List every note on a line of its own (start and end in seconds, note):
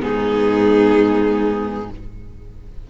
0.00 1.90 G#2
0.00 1.88 B3
0.00 1.90 D#4
0.00 1.90 G#4